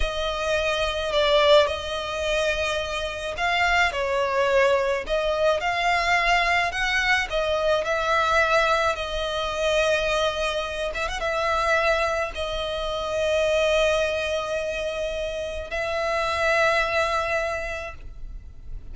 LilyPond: \new Staff \with { instrumentName = "violin" } { \time 4/4 \tempo 4 = 107 dis''2 d''4 dis''4~ | dis''2 f''4 cis''4~ | cis''4 dis''4 f''2 | fis''4 dis''4 e''2 |
dis''2.~ dis''8 e''16 fis''16 | e''2 dis''2~ | dis''1 | e''1 | }